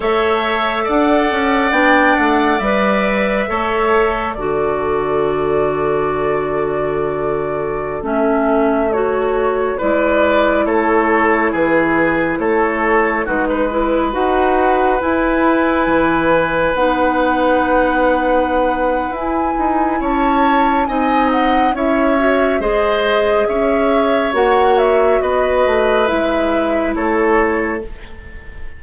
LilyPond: <<
  \new Staff \with { instrumentName = "flute" } { \time 4/4 \tempo 4 = 69 e''4 fis''4 g''8 fis''8 e''4~ | e''4 d''2.~ | d''4~ d''16 e''4 cis''4 d''8.~ | d''16 cis''4 b'4 cis''4 b'8.~ |
b'16 fis''4 gis''2 fis''8.~ | fis''2 gis''4 a''4 | gis''8 fis''8 e''4 dis''4 e''4 | fis''8 e''8 dis''4 e''4 cis''4 | }
  \new Staff \with { instrumentName = "oboe" } { \time 4/4 cis''4 d''2. | cis''4 a'2.~ | a'2.~ a'16 b'8.~ | b'16 a'4 gis'4 a'4 fis'16 b'8~ |
b'1~ | b'2. cis''4 | dis''4 cis''4 c''4 cis''4~ | cis''4 b'2 a'4 | }
  \new Staff \with { instrumentName = "clarinet" } { \time 4/4 a'2 d'4 b'4 | a'4 fis'2.~ | fis'4~ fis'16 cis'4 fis'4 e'8.~ | e'2.~ e'16 dis'8 e'16~ |
e'16 fis'4 e'2 dis'8.~ | dis'2 e'2 | dis'4 e'8 fis'8 gis'2 | fis'2 e'2 | }
  \new Staff \with { instrumentName = "bassoon" } { \time 4/4 a4 d'8 cis'8 b8 a8 g4 | a4 d2.~ | d4~ d16 a2 gis8.~ | gis16 a4 e4 a4 gis8.~ |
gis16 dis'4 e'4 e4 b8.~ | b2 e'8 dis'8 cis'4 | c'4 cis'4 gis4 cis'4 | ais4 b8 a8 gis4 a4 | }
>>